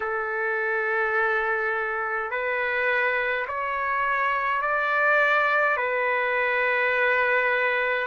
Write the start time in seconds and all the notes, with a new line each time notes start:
0.00 A4
2.30 B4
3.47 C#5
4.61 D5
5.76 B4